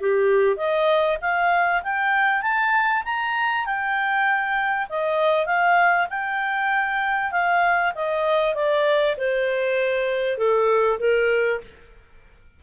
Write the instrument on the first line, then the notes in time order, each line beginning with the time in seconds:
clarinet
0.00 G4
0.56 D#5
1.21 F5
1.83 G5
2.42 A5
3.05 A#5
3.66 G5
4.90 D#5
5.46 F5
6.10 G5
7.32 F5
7.95 D#5
8.55 D5
9.18 C5
10.38 A4
11.00 A#4